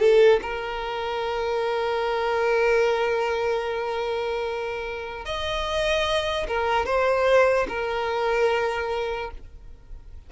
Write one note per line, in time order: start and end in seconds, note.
0.00 0.41 A4
0.42 5.26 A#4
5.26 6.47 D#5
6.48 6.86 A#4
6.86 7.67 C5
7.69 9.31 A#4